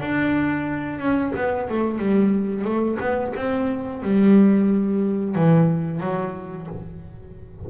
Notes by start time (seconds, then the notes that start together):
0.00 D4
0.99 C#4
1.35 B3
1.69 A3
1.98 G3
2.64 A3
3.00 B3
3.36 C4
4.02 G3
5.35 E3
6.00 F#3